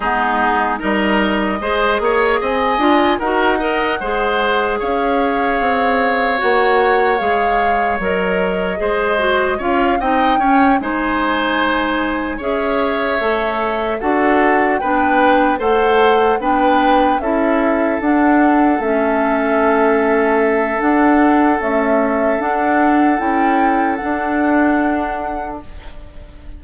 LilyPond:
<<
  \new Staff \with { instrumentName = "flute" } { \time 4/4 \tempo 4 = 75 gis'4 dis''2 gis''4 | fis''2 f''2 | fis''4 f''4 dis''2 | f''8 g''4 gis''2 e''8~ |
e''4. fis''4 g''4 fis''8~ | fis''8 g''4 e''4 fis''4 e''8~ | e''2 fis''4 e''4 | fis''4 g''4 fis''2 | }
  \new Staff \with { instrumentName = "oboe" } { \time 4/4 dis'4 ais'4 c''8 cis''8 dis''4 | ais'8 dis''8 c''4 cis''2~ | cis''2. c''4 | cis''8 dis''8 cis''8 c''2 cis''8~ |
cis''4. a'4 b'4 c''8~ | c''8 b'4 a'2~ a'8~ | a'1~ | a'1 | }
  \new Staff \with { instrumentName = "clarinet" } { \time 4/4 b4 dis'4 gis'4. f'8 | fis'8 ais'8 gis'2. | fis'4 gis'4 ais'4 gis'8 fis'8 | f'8 dis'8 cis'8 dis'2 gis'8~ |
gis'8 a'4 fis'4 d'4 a'8~ | a'8 d'4 e'4 d'4 cis'8~ | cis'2 d'4 a4 | d'4 e'4 d'2 | }
  \new Staff \with { instrumentName = "bassoon" } { \time 4/4 gis4 g4 gis8 ais8 c'8 d'8 | dis'4 gis4 cis'4 c'4 | ais4 gis4 fis4 gis4 | cis'8 c'8 cis'8 gis2 cis'8~ |
cis'8 a4 d'4 b4 a8~ | a8 b4 cis'4 d'4 a8~ | a2 d'4 cis'4 | d'4 cis'4 d'2 | }
>>